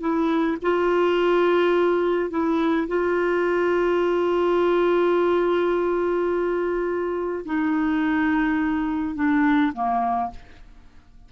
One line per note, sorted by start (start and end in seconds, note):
0.00 0.57 E4
0.62 2.30 F4
2.30 2.87 E4
2.88 7.45 F4
7.45 9.15 D#4
9.15 9.72 D4
9.73 10.30 A#3